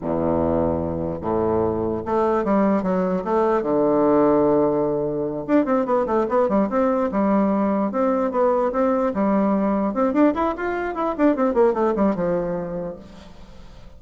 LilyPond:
\new Staff \with { instrumentName = "bassoon" } { \time 4/4 \tempo 4 = 148 e,2. a,4~ | a,4 a4 g4 fis4 | a4 d2.~ | d4. d'8 c'8 b8 a8 b8 |
g8 c'4 g2 c'8~ | c'8 b4 c'4 g4.~ | g8 c'8 d'8 e'8 f'4 e'8 d'8 | c'8 ais8 a8 g8 f2 | }